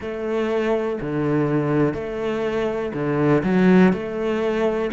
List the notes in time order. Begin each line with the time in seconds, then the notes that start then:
0.00 A3
1.01 D3
1.94 A3
2.93 D3
3.43 F#3
3.92 A3